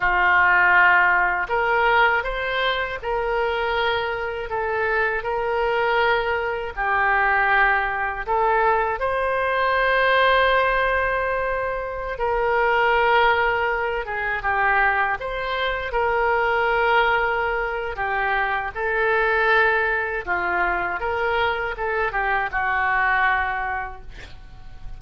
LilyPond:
\new Staff \with { instrumentName = "oboe" } { \time 4/4 \tempo 4 = 80 f'2 ais'4 c''4 | ais'2 a'4 ais'4~ | ais'4 g'2 a'4 | c''1~ |
c''16 ais'2~ ais'8 gis'8 g'8.~ | g'16 c''4 ais'2~ ais'8. | g'4 a'2 f'4 | ais'4 a'8 g'8 fis'2 | }